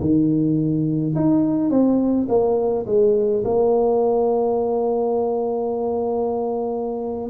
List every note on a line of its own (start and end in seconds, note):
0.00 1.14 D#3
1.15 1.70 D#4
1.70 2.27 C4
2.28 2.85 A#3
2.86 3.43 G#3
3.44 7.29 A#3